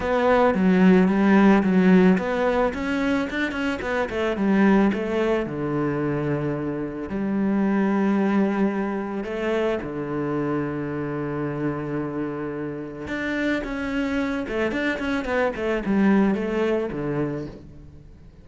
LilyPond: \new Staff \with { instrumentName = "cello" } { \time 4/4 \tempo 4 = 110 b4 fis4 g4 fis4 | b4 cis'4 d'8 cis'8 b8 a8 | g4 a4 d2~ | d4 g2.~ |
g4 a4 d2~ | d1 | d'4 cis'4. a8 d'8 cis'8 | b8 a8 g4 a4 d4 | }